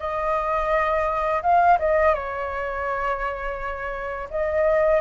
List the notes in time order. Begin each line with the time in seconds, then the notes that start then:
0.00 D#5
1.43 F5
1.79 D#5
2.15 C#5
4.31 D#5